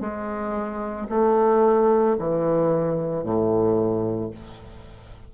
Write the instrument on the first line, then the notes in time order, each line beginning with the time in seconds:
bassoon
0.00 G#3
1.10 A3
2.19 E3
3.23 A2